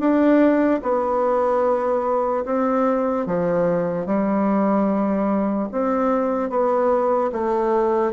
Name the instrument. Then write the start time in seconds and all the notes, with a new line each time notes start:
bassoon
0.00 D4
0.83 B3
2.45 C4
3.27 F3
4.07 G3
5.72 C4
6.50 B3
7.32 A3